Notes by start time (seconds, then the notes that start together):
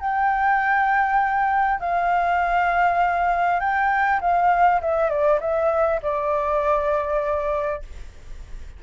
0.00 G5
1.80 F5
3.60 G5
4.21 F5
4.81 E5
5.09 D5
5.40 E5
6.02 D5